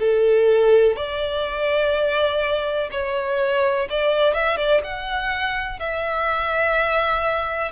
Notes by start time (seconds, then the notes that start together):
0.00 A4
0.97 D5
2.92 C#5
3.90 D5
4.34 E5
4.57 D5
4.84 F#5
5.80 E5